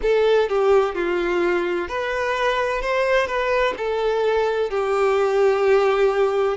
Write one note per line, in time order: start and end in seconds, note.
0.02 0.49 A4
0.49 0.94 G4
0.94 1.88 F4
1.88 2.81 B4
2.81 3.26 C5
3.26 3.73 B4
3.77 4.70 A4
4.70 6.57 G4